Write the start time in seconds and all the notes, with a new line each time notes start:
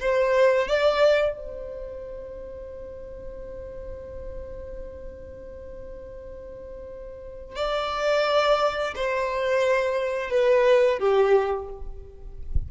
0.00 C5
0.67 D5
1.36 C5
7.55 D5
8.95 C5
10.30 B4
10.99 G4